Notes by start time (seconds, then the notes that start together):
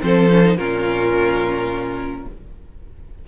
0.00 F3 C4 A4 C5
0.30 C#4
0.44 D#4
0.56 A#2 C#4 F4 A#4